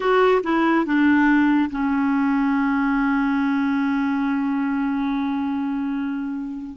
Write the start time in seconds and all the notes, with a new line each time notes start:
0.00 F#4
0.43 E4
0.85 D4
1.70 C#4